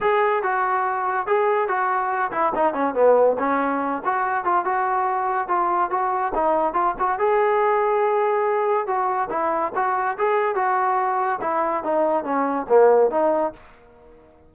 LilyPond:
\new Staff \with { instrumentName = "trombone" } { \time 4/4 \tempo 4 = 142 gis'4 fis'2 gis'4 | fis'4. e'8 dis'8 cis'8 b4 | cis'4. fis'4 f'8 fis'4~ | fis'4 f'4 fis'4 dis'4 |
f'8 fis'8 gis'2.~ | gis'4 fis'4 e'4 fis'4 | gis'4 fis'2 e'4 | dis'4 cis'4 ais4 dis'4 | }